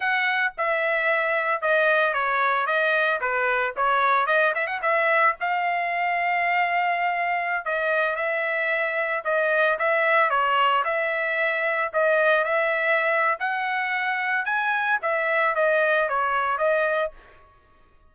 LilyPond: \new Staff \with { instrumentName = "trumpet" } { \time 4/4 \tempo 4 = 112 fis''4 e''2 dis''4 | cis''4 dis''4 b'4 cis''4 | dis''8 e''16 fis''16 e''4 f''2~ | f''2~ f''16 dis''4 e''8.~ |
e''4~ e''16 dis''4 e''4 cis''8.~ | cis''16 e''2 dis''4 e''8.~ | e''4 fis''2 gis''4 | e''4 dis''4 cis''4 dis''4 | }